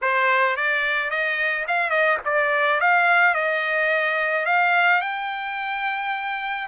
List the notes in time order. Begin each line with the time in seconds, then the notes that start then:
0.01 C5
0.56 D5
1.10 D#5
1.67 F5
1.90 D#5
2.24 D5
2.80 F5
3.34 D#5
4.45 F5
5.01 G5